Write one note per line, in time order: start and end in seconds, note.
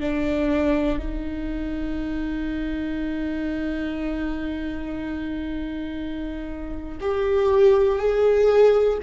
0.00 0.99 D4
0.99 6.99 D#4
7.01 7.99 G4
7.99 8.99 G#4